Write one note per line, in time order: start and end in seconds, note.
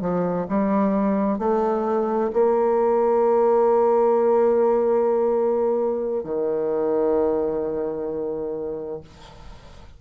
0.00 0.46 F3
0.48 1.38 G3
1.38 2.31 A3
2.33 6.23 A#3
6.23 9.00 D#3